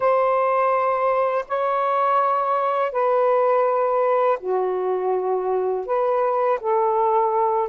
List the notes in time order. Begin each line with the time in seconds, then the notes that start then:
0.00 C5
1.48 C#5
2.91 B4
4.40 F#4
5.86 B4
6.60 A4